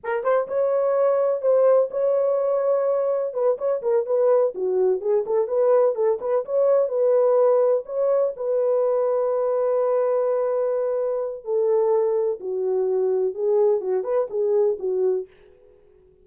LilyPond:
\new Staff \with { instrumentName = "horn" } { \time 4/4 \tempo 4 = 126 ais'8 c''8 cis''2 c''4 | cis''2. b'8 cis''8 | ais'8 b'4 fis'4 gis'8 a'8 b'8~ | b'8 a'8 b'8 cis''4 b'4.~ |
b'8 cis''4 b'2~ b'8~ | b'1 | a'2 fis'2 | gis'4 fis'8 b'8 gis'4 fis'4 | }